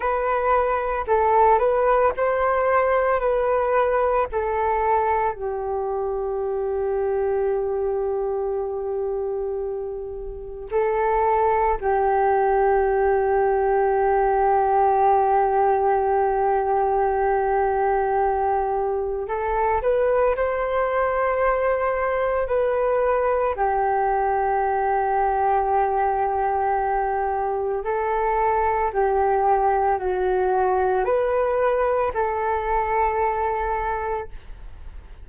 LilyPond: \new Staff \with { instrumentName = "flute" } { \time 4/4 \tempo 4 = 56 b'4 a'8 b'8 c''4 b'4 | a'4 g'2.~ | g'2 a'4 g'4~ | g'1~ |
g'2 a'8 b'8 c''4~ | c''4 b'4 g'2~ | g'2 a'4 g'4 | fis'4 b'4 a'2 | }